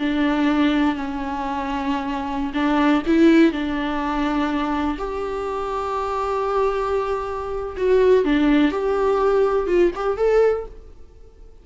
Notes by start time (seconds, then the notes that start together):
0.00 D4
0.96 C#4
2.54 D4
3.07 E4
3.53 D4
4.99 G4
7.77 F#4
8.25 D4
8.72 G4
9.68 F4
9.96 G4
10.18 A4